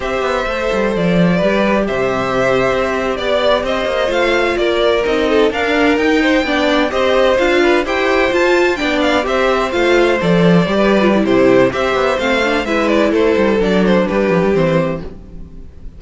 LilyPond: <<
  \new Staff \with { instrumentName = "violin" } { \time 4/4 \tempo 4 = 128 e''2 d''2 | e''2~ e''8. d''4 dis''16~ | dis''8. f''4 d''4 dis''4 f''16~ | f''8. g''2 dis''4 f''16~ |
f''8. g''4 a''4 g''8 f''8 e''16~ | e''8. f''4 d''2~ d''16 | c''4 e''4 f''4 e''8 d''8 | c''4 d''8 c''8 b'4 c''4 | }
  \new Staff \with { instrumentName = "violin" } { \time 4/4 c''2. b'4 | c''2~ c''8. d''4 c''16~ | c''4.~ c''16 ais'4. a'8 ais'16~ | ais'4~ ais'16 c''8 d''4 c''4~ c''16~ |
c''16 b'8 c''2 d''4 c''16~ | c''2. b'4 | g'4 c''2 b'4 | a'2 g'2 | }
  \new Staff \with { instrumentName = "viola" } { \time 4/4 g'4 a'2 g'4~ | g'1~ | g'8. f'2 dis'4 d'16~ | d'8. dis'4 d'4 g'4 f'16~ |
f'8. g'4 f'4 d'4 g'16~ | g'8. f'4 a'4 g'8. f'16 e'16~ | e'4 g'4 c'8 d'8 e'4~ | e'4 d'2 c'4 | }
  \new Staff \with { instrumentName = "cello" } { \time 4/4 c'8 b8 a8 g8 f4 g4 | c4.~ c16 c'4 b4 c'16~ | c'16 ais8 a4 ais4 c'4 d'16~ | d'8. dis'4 b4 c'4 d'16~ |
d'8. e'4 f'4 b4 c'16~ | c'8. a4 f4 g4~ g16 | c4 c'8 b8 a4 gis4 | a8 g8 fis4 g8 f16 g16 e4 | }
>>